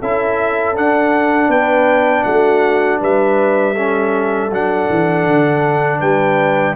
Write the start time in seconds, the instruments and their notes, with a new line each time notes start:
0.00 tuba C#4, trombone E4, horn A4, trumpet E5
0.76 trombone D4, tuba D4, trumpet F#5
1.49 tuba B3, horn B4, trumpet G5
2.24 tuba A3, horn F#4, trumpet F#5
3.00 tuba G3, horn B4, trumpet E5
3.74 trombone C#4, horn A4
4.51 tuba F#3, trombone D4, trumpet F#5
4.90 tuba E3
5.27 tuba D3
5.99 tuba G3, horn B4, trumpet G5